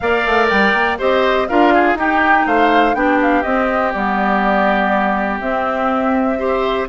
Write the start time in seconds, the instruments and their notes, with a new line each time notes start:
0.00 bassoon A#3, clarinet A#4, oboe D5, flute F5
0.26 bassoon A3
0.49 bassoon G3, flute G5
0.73 bassoon A#3
0.98 bassoon C4, clarinet G4, oboe C5, flute D#5
1.48 bassoon D4, clarinet F4, oboe A#4, flute F5
1.73 oboe G#4
1.95 bassoon D#4, clarinet D#4, oboe G4, flute G5
2.46 bassoon A3, oboe C5, flute F5
2.94 bassoon B3, clarinet D4, oboe G4, flute G5
3.22 flute F5
3.43 clarinet C4, bassoon C4, flute D#5
3.92 bassoon G3, clarinet B3, flute D5
5.40 bassoon C4, clarinet C4, flute E5
6.38 clarinet G4, oboe C5